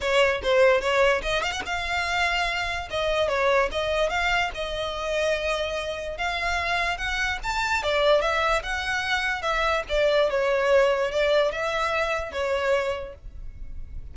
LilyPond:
\new Staff \with { instrumentName = "violin" } { \time 4/4 \tempo 4 = 146 cis''4 c''4 cis''4 dis''8 f''16 fis''16 | f''2. dis''4 | cis''4 dis''4 f''4 dis''4~ | dis''2. f''4~ |
f''4 fis''4 a''4 d''4 | e''4 fis''2 e''4 | d''4 cis''2 d''4 | e''2 cis''2 | }